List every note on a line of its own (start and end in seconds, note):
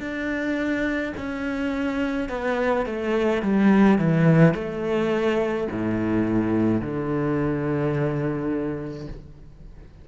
0.00 1.13 D4
1.17 2.29 C#4
2.29 2.86 B3
2.86 3.42 A3
3.42 3.99 G3
3.99 4.54 E3
4.54 5.68 A3
5.72 6.81 A2
6.81 9.08 D3